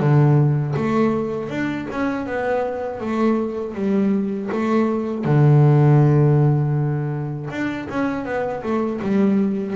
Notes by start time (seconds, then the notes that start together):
0.00 D3
0.76 A3
1.50 D4
1.92 C#4
2.26 B3
3.01 A3
3.75 G3
4.52 A3
5.25 D3
7.51 D4
7.90 C#4
8.25 B3
8.63 A3
9.02 G3